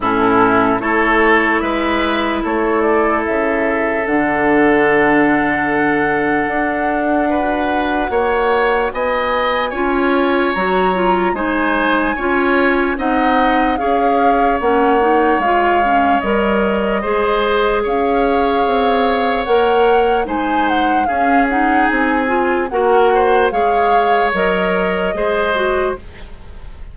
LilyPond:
<<
  \new Staff \with { instrumentName = "flute" } { \time 4/4 \tempo 4 = 74 a'4 cis''4 e''4 cis''8 d''8 | e''4 fis''2.~ | fis''2. gis''4~ | gis''4 ais''4 gis''2 |
fis''4 f''4 fis''4 f''4 | dis''2 f''2 | fis''4 gis''8 fis''8 f''8 fis''8 gis''4 | fis''4 f''4 dis''2 | }
  \new Staff \with { instrumentName = "oboe" } { \time 4/4 e'4 a'4 b'4 a'4~ | a'1~ | a'4 b'4 cis''4 dis''4 | cis''2 c''4 cis''4 |
dis''4 cis''2.~ | cis''4 c''4 cis''2~ | cis''4 c''4 gis'2 | ais'8 c''8 cis''2 c''4 | }
  \new Staff \with { instrumentName = "clarinet" } { \time 4/4 cis'4 e'2.~ | e'4 d'2.~ | d'4 fis'2. | f'4 fis'8 f'8 dis'4 f'4 |
dis'4 gis'4 cis'8 dis'8 f'8 cis'8 | ais'4 gis'2. | ais'4 dis'4 cis'8 dis'4 f'8 | fis'4 gis'4 ais'4 gis'8 fis'8 | }
  \new Staff \with { instrumentName = "bassoon" } { \time 4/4 a,4 a4 gis4 a4 | cis4 d2. | d'2 ais4 b4 | cis'4 fis4 gis4 cis'4 |
c'4 cis'4 ais4 gis4 | g4 gis4 cis'4 c'4 | ais4 gis4 cis'4 c'4 | ais4 gis4 fis4 gis4 | }
>>